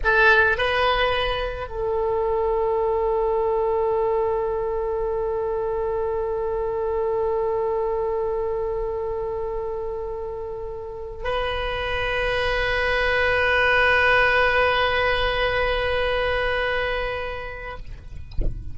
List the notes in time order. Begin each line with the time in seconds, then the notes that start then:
0.04 A4
0.57 B4
1.68 A4
11.24 B4